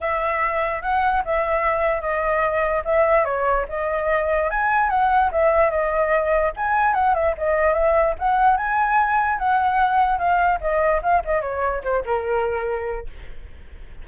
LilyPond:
\new Staff \with { instrumentName = "flute" } { \time 4/4 \tempo 4 = 147 e''2 fis''4 e''4~ | e''4 dis''2 e''4 | cis''4 dis''2 gis''4 | fis''4 e''4 dis''2 |
gis''4 fis''8 e''8 dis''4 e''4 | fis''4 gis''2 fis''4~ | fis''4 f''4 dis''4 f''8 dis''8 | cis''4 c''8 ais'2~ ais'8 | }